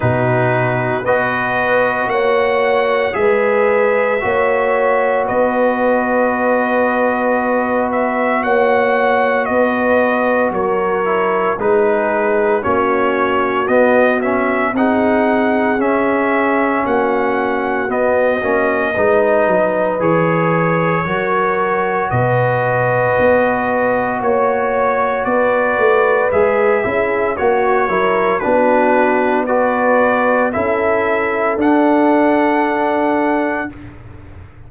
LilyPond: <<
  \new Staff \with { instrumentName = "trumpet" } { \time 4/4 \tempo 4 = 57 b'4 dis''4 fis''4 e''4~ | e''4 dis''2~ dis''8 e''8 | fis''4 dis''4 cis''4 b'4 | cis''4 dis''8 e''8 fis''4 e''4 |
fis''4 dis''2 cis''4~ | cis''4 dis''2 cis''4 | d''4 e''4 cis''4 b'4 | d''4 e''4 fis''2 | }
  \new Staff \with { instrumentName = "horn" } { \time 4/4 fis'4 b'4 cis''4 b'4 | cis''4 b'2. | cis''4 b'4 ais'4 gis'4 | fis'2 gis'2 |
fis'2 b'2 | ais'4 b'2 cis''4 | b'4. gis'8 fis'8 ais'8 fis'4 | b'4 a'2. | }
  \new Staff \with { instrumentName = "trombone" } { \time 4/4 dis'4 fis'2 gis'4 | fis'1~ | fis'2~ fis'8 e'8 dis'4 | cis'4 b8 cis'8 dis'4 cis'4~ |
cis'4 b8 cis'8 dis'4 gis'4 | fis'1~ | fis'4 gis'8 e'8 fis'8 e'8 d'4 | fis'4 e'4 d'2 | }
  \new Staff \with { instrumentName = "tuba" } { \time 4/4 b,4 b4 ais4 gis4 | ais4 b2. | ais4 b4 fis4 gis4 | ais4 b4 c'4 cis'4 |
ais4 b8 ais8 gis8 fis8 e4 | fis4 b,4 b4 ais4 | b8 a8 gis8 cis'8 ais8 fis8 b4~ | b4 cis'4 d'2 | }
>>